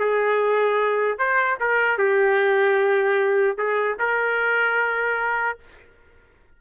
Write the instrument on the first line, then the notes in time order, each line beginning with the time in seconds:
trumpet
0.00 G#4
1.19 C5
1.60 A#4
1.98 G4
3.58 G#4
4.00 A#4